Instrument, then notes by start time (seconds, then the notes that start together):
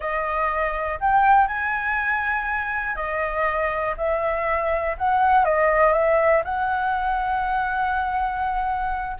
flute
0.00 D#5
1.00 G5
1.47 G#5
2.95 D#5
3.97 E5
4.97 F#5
5.44 D#5
5.92 E5
6.44 F#5